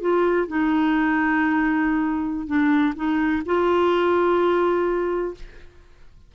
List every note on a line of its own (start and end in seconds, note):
0.00 0.47 F4
0.47 2.47 D#4
2.47 2.94 D4
2.95 3.43 D#4
3.45 5.34 F4